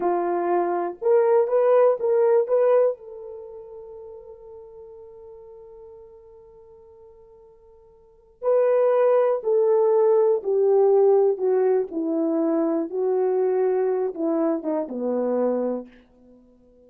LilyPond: \new Staff \with { instrumentName = "horn" } { \time 4/4 \tempo 4 = 121 f'2 ais'4 b'4 | ais'4 b'4 a'2~ | a'1~ | a'1~ |
a'4 b'2 a'4~ | a'4 g'2 fis'4 | e'2 fis'2~ | fis'8 e'4 dis'8 b2 | }